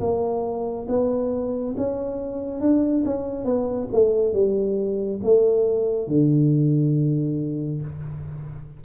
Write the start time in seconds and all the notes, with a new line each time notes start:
0.00 A#3
0.88 B3
1.77 C#4
2.60 D4
3.05 C#4
3.45 B3
3.92 A3
4.33 G3
5.23 A3
6.08 D3